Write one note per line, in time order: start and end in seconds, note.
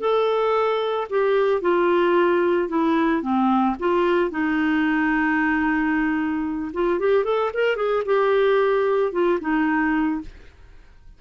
0.00 1.07 A4
1.10 1.61 G4
1.61 2.68 F4
2.68 3.22 E4
3.22 3.75 C4
3.79 4.30 F4
4.30 6.71 D#4
6.73 6.99 F4
6.99 7.24 G4
7.24 7.50 A4
7.53 7.76 A#4
7.76 8.03 G#4
8.05 9.12 G4
9.12 9.38 F4
9.40 10.21 D#4